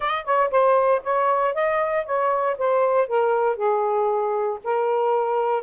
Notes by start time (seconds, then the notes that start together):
0.00 D#5
0.24 C#5
0.50 C5
1.03 C#5
1.54 D#5
2.05 C#5
2.58 C5
3.07 A#4
3.56 G#4
4.64 A#4